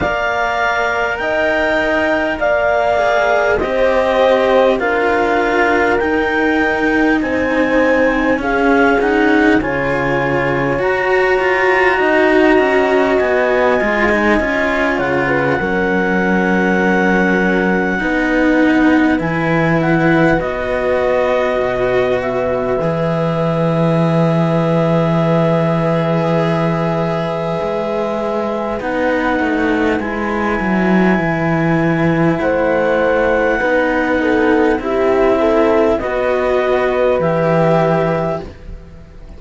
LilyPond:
<<
  \new Staff \with { instrumentName = "clarinet" } { \time 4/4 \tempo 4 = 50 f''4 g''4 f''4 dis''4 | f''4 g''4 gis''4 f''8 fis''8 | gis''4 ais''2 gis''4~ | gis''8 fis''2.~ fis''8 |
gis''8 fis''8 dis''4. e''4.~ | e''1 | fis''4 gis''2 fis''4~ | fis''4 e''4 dis''4 e''4 | }
  \new Staff \with { instrumentName = "horn" } { \time 4/4 d''4 dis''4 d''4 c''4 | ais'2 c''4 gis'4 | cis''2 dis''2~ | dis''8 cis''16 b'16 ais'2 b'4~ |
b'1~ | b'1~ | b'2. c''4 | b'8 a'8 g'8 a'8 b'2 | }
  \new Staff \with { instrumentName = "cello" } { \time 4/4 ais'2~ ais'8 gis'8 g'4 | f'4 dis'2 cis'8 dis'8 | f'4 fis'2~ fis'8 f'16 dis'16 | f'4 cis'2 dis'4 |
e'4 fis'2 gis'4~ | gis'1 | dis'4 e'2. | dis'4 e'4 fis'4 g'4 | }
  \new Staff \with { instrumentName = "cello" } { \time 4/4 ais4 dis'4 ais4 c'4 | d'4 dis'4 c'4 cis'4 | cis4 fis'8 f'8 dis'8 cis'8 b8 gis8 | cis'8 cis8 fis2 b4 |
e4 b4 b,4 e4~ | e2. gis4 | b8 a8 gis8 fis8 e4 a4 | b4 c'4 b4 e4 | }
>>